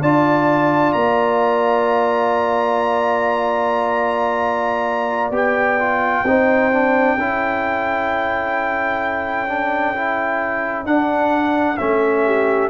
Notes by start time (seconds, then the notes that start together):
0.00 D4 F4 D5 A5
0.92 A#3 A#5
5.30 B3 G4 G5
5.79 F4
6.23 C4 D#4 C5
6.72 D4
7.17 C#4 E4 A4
9.48 D4
9.95 E4
10.85 D4 F#5
11.77 A3 C#4 E5
12.25 G4